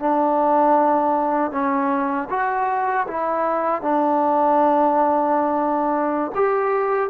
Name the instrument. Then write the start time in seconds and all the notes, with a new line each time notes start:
trombone
0.00 D4
1.52 C#4
2.30 F#4
3.08 E4
3.82 D4
6.35 G4